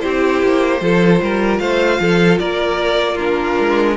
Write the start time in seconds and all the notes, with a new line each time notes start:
0.00 C4 E4 G4 C5
0.43 A#3
0.81 F3 F4 A4
1.22 G3 A#4
1.60 A3 C5 F5
2.00 F3 A4
2.39 A#3 A#4 D5
3.14 D4 F4 A#4
3.60 G#3